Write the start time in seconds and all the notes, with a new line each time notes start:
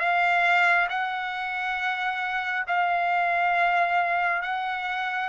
0.00 F5
0.89 F#5
2.68 F5
4.42 F#5